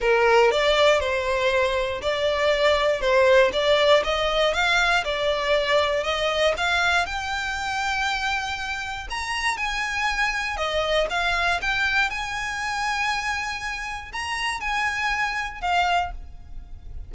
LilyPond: \new Staff \with { instrumentName = "violin" } { \time 4/4 \tempo 4 = 119 ais'4 d''4 c''2 | d''2 c''4 d''4 | dis''4 f''4 d''2 | dis''4 f''4 g''2~ |
g''2 ais''4 gis''4~ | gis''4 dis''4 f''4 g''4 | gis''1 | ais''4 gis''2 f''4 | }